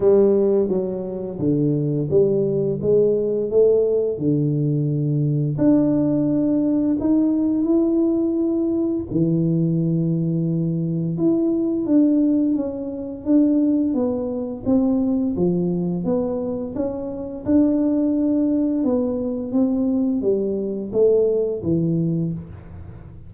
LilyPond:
\new Staff \with { instrumentName = "tuba" } { \time 4/4 \tempo 4 = 86 g4 fis4 d4 g4 | gis4 a4 d2 | d'2 dis'4 e'4~ | e'4 e2. |
e'4 d'4 cis'4 d'4 | b4 c'4 f4 b4 | cis'4 d'2 b4 | c'4 g4 a4 e4 | }